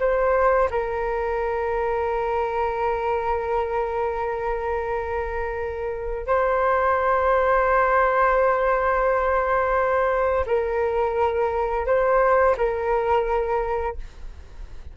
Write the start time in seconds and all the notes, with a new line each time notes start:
0.00 C5
0.71 A#4
6.27 C5
10.47 A#4
11.86 C5
12.58 A#4